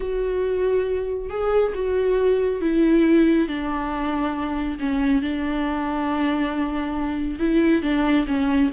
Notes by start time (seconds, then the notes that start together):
0.00 F#4
1.29 G#4
1.74 F#4
2.61 E4
3.47 D4
4.79 C#4
5.22 D4
7.39 E4
7.82 D4
8.27 C#4